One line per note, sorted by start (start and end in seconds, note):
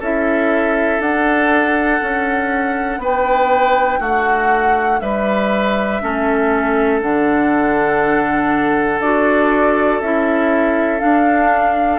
0.00 1.00 C#4
0.00 1.02 E4
0.00 3.00 A4
0.00 1.02 E5
1.00 2.00 D4
1.00 6.02 D4
1.00 3.02 F#5
2.02 2.99 C#4
2.99 3.99 B3
2.99 4.00 B4
2.99 4.03 G5
4.00 5.00 A3
4.00 5.00 F#4
4.00 5.00 F#5
5.00 6.02 G3
5.00 6.02 B4
5.00 7.00 E5
6.02 7.03 A3
6.02 7.01 C#4
6.02 11.99 A4
7.01 9.00 D3
7.01 9.01 D4
7.01 9.01 F#5
9.00 10.00 D4
9.00 10.03 F#4
9.00 10.01 D5
10.01 11.02 C#4
10.01 11.00 E4
10.01 11.00 E5
11.00 11.99 D4
11.00 11.99 F5